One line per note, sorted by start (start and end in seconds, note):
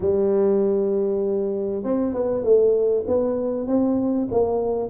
0.00 1.83 G3
1.83 2.13 C4
2.13 2.44 B3
2.44 3.05 A3
3.07 3.67 B3
3.67 4.28 C4
4.31 4.89 A#3